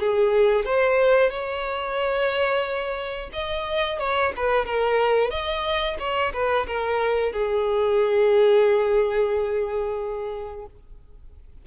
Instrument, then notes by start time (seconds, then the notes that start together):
violin
0.00 G#4
0.65 C5
1.30 C#5
3.33 D#5
3.99 C#5
4.37 B4
4.66 A#4
5.31 D#5
5.99 C#5
6.34 B4
6.67 A#4
7.33 G#4